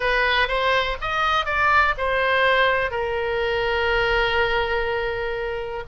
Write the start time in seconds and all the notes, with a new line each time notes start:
0.00 B4
0.47 C5
1.01 D#5
1.45 D5
1.97 C5
2.90 A#4